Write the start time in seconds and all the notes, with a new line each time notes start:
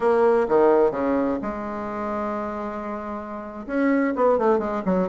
0.00 A#3
0.48 D#3
0.91 C#3
1.42 G#3
3.66 C#4
4.15 B3
4.38 A3
4.58 G#3
4.85 F#3